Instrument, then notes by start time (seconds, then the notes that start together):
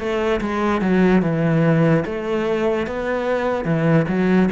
cello
0.00 A3
0.41 G#3
0.82 F#3
1.23 E3
2.06 A3
2.87 B3
3.65 E3
4.09 F#3